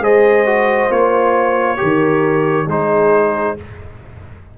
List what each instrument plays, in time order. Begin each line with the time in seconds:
0.00 tuba G#3, trombone G#4, horn C5, trumpet D#5
0.46 trombone F#4
0.90 tuba A#3, trombone F4, trumpet C#5
1.77 tuba D#3, trombone G4, horn A#4
2.66 tuba G#3, trombone D#4, horn G#4, trumpet C5